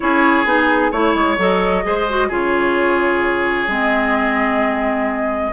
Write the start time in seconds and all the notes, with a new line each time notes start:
0.00 C#4 E4 G#4 C#5
0.44 B3 D#4 G#4
0.91 A3 E4 C#5
1.14 G#3
1.37 F#3 A4 D#5
1.83 G#3 G#4 C5
2.09 F#4
2.27 C#3 F4 G#4 C#5
3.67 G#3 C4 D#5